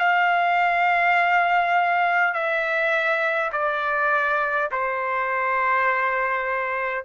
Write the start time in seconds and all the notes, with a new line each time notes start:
0.00 F5
2.34 E5
3.53 D5
4.72 C5